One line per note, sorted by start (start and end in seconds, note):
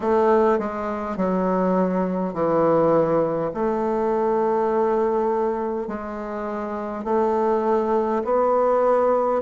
0.00 0.58 A3
0.58 1.17 G#3
1.17 2.33 F#3
2.33 3.51 E3
3.53 5.87 A3
5.87 7.04 G#3
7.04 8.22 A3
8.24 9.42 B3